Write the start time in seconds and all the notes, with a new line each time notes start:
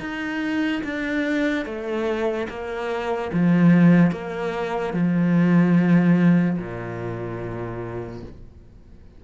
0.00 D#4
0.84 D4
1.66 A3
2.49 A#3
3.33 F3
4.12 A#3
4.94 F3
6.58 A#2